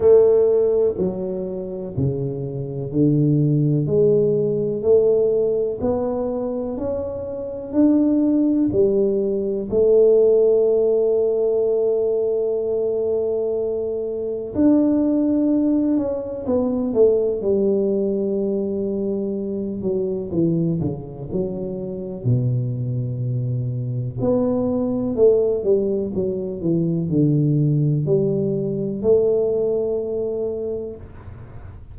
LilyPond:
\new Staff \with { instrumentName = "tuba" } { \time 4/4 \tempo 4 = 62 a4 fis4 cis4 d4 | gis4 a4 b4 cis'4 | d'4 g4 a2~ | a2. d'4~ |
d'8 cis'8 b8 a8 g2~ | g8 fis8 e8 cis8 fis4 b,4~ | b,4 b4 a8 g8 fis8 e8 | d4 g4 a2 | }